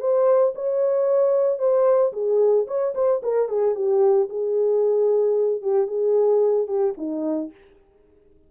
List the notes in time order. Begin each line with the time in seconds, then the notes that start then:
0.00 C5
0.55 C#5
1.59 C5
2.13 G#4
2.68 C#5
2.95 C5
3.23 A#4
3.49 G#4
3.75 G4
4.30 G#4
5.62 G4
5.87 G#4
6.68 G4
6.98 D#4